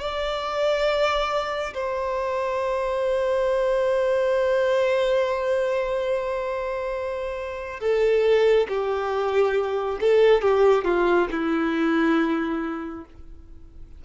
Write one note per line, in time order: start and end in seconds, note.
0.00 1.74 D5
1.74 7.80 C5
7.80 8.67 A4
8.68 9.99 G4
10.01 10.42 A4
10.42 10.85 G4
10.85 11.28 F4
11.31 13.05 E4